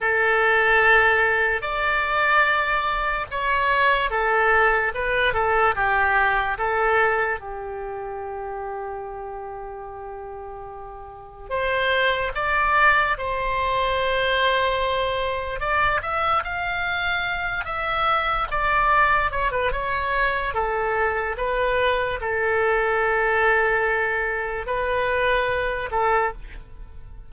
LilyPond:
\new Staff \with { instrumentName = "oboe" } { \time 4/4 \tempo 4 = 73 a'2 d''2 | cis''4 a'4 b'8 a'8 g'4 | a'4 g'2.~ | g'2 c''4 d''4 |
c''2. d''8 e''8 | f''4. e''4 d''4 cis''16 b'16 | cis''4 a'4 b'4 a'4~ | a'2 b'4. a'8 | }